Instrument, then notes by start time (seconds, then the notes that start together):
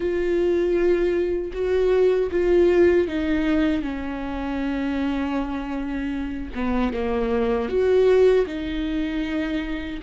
viola
0.00 F4
1.52 F#4
2.31 F4
3.07 D#4
3.81 C#4
6.54 B3
6.93 A#3
7.68 F#4
8.46 D#4